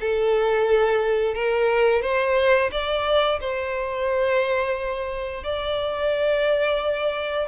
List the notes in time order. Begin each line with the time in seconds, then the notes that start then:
0.00 A4
1.34 A#4
2.02 C5
2.71 D5
3.40 C5
5.43 D5